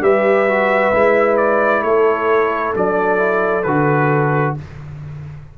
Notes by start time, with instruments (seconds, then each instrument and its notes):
0.00 tuba G3, trombone G4, horn B4, trumpet E5
0.48 trombone F#4
0.93 tuba G#3, trombone E4
1.37 trumpet D5
1.82 tuba A3, horn A4, trumpet C#5
2.75 tuba F#3, trombone D4, trumpet D5
3.18 trombone E4
3.63 tuba D3, trombone F#4, trumpet B4